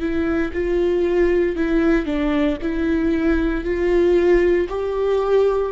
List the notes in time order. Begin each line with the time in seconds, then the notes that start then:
0.00 E4
0.53 F4
1.56 E4
2.05 D4
2.62 E4
3.64 F4
4.69 G4